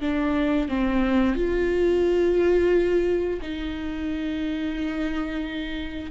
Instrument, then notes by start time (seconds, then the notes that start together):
viola
0.00 D4
0.68 C4
1.35 F4
3.41 D#4